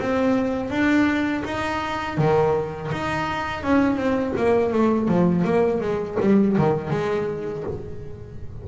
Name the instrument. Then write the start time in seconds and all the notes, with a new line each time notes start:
double bass
0.00 C4
0.70 D4
1.45 D#4
2.18 D#3
2.92 D#4
3.63 C#4
3.96 C4
4.37 A#3
4.73 A3
5.08 F3
5.44 A#3
5.81 G#3
6.20 G3
6.58 D#3
6.90 G#3